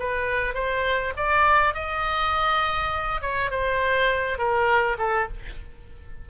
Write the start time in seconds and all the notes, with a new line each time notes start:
0.00 B4
0.55 C5
1.17 D5
1.75 D#5
3.22 C#5
3.51 C5
4.39 A#4
4.99 A4